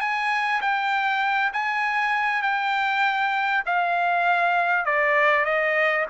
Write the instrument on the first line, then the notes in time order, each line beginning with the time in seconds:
trumpet
0.00 G#5
0.61 G5
1.53 G#5
2.42 G5
3.66 F5
4.85 D5
5.45 D#5